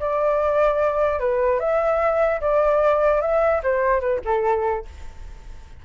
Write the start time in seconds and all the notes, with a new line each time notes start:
0.00 D5
1.20 B4
1.60 E5
2.41 D5
3.21 E5
3.64 C5
4.01 B4
4.25 A4